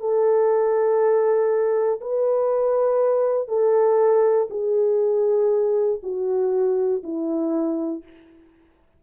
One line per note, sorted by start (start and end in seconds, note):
0.00 2.00 A4
2.01 3.48 B4
3.48 4.48 A4
4.50 6.00 G#4
6.03 7.03 F#4
7.03 8.03 E4